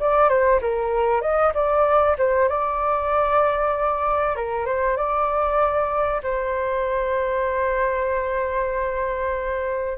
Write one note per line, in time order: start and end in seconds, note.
0.00 0.29 D5
0.29 0.61 C5
0.62 1.21 A#4
1.21 1.53 D#5
1.54 2.17 D5
2.18 2.49 C5
2.49 4.36 D5
4.36 4.66 A#4
4.66 4.97 C5
4.97 6.22 D5
6.23 9.98 C5